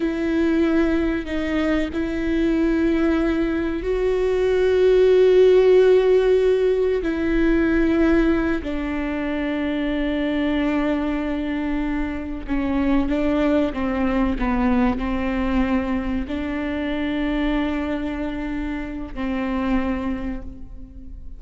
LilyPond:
\new Staff \with { instrumentName = "viola" } { \time 4/4 \tempo 4 = 94 e'2 dis'4 e'4~ | e'2 fis'2~ | fis'2. e'4~ | e'4. d'2~ d'8~ |
d'2.~ d'8 cis'8~ | cis'8 d'4 c'4 b4 c'8~ | c'4. d'2~ d'8~ | d'2 c'2 | }